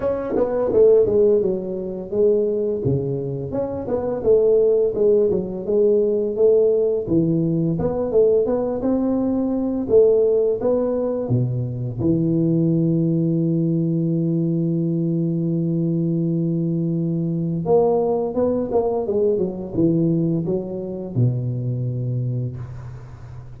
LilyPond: \new Staff \with { instrumentName = "tuba" } { \time 4/4 \tempo 4 = 85 cis'8 b8 a8 gis8 fis4 gis4 | cis4 cis'8 b8 a4 gis8 fis8 | gis4 a4 e4 b8 a8 | b8 c'4. a4 b4 |
b,4 e2.~ | e1~ | e4 ais4 b8 ais8 gis8 fis8 | e4 fis4 b,2 | }